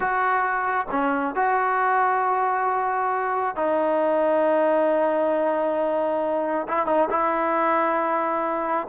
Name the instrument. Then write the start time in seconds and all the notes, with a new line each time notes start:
trombone
0.00 F#4
0.90 C#4
1.35 F#4
3.56 D#4
6.68 E4
6.86 D#4
7.09 E4